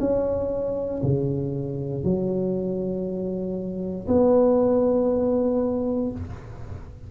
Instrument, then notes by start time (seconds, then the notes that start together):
tuba
0.00 C#4
1.03 C#3
2.04 F#3
4.07 B3